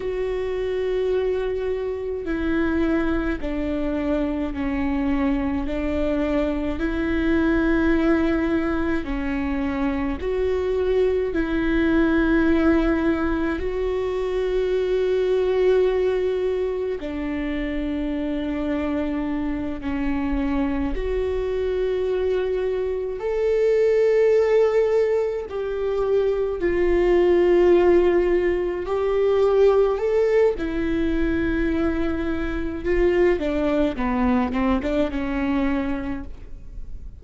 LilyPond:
\new Staff \with { instrumentName = "viola" } { \time 4/4 \tempo 4 = 53 fis'2 e'4 d'4 | cis'4 d'4 e'2 | cis'4 fis'4 e'2 | fis'2. d'4~ |
d'4. cis'4 fis'4.~ | fis'8 a'2 g'4 f'8~ | f'4. g'4 a'8 e'4~ | e'4 f'8 d'8 b8 c'16 d'16 cis'4 | }